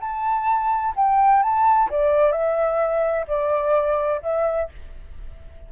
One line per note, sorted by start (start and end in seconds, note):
0.00 0.94 A5
0.95 1.42 G5
1.42 1.89 A5
1.90 2.32 D5
2.32 3.26 E5
3.27 4.21 D5
4.22 4.69 E5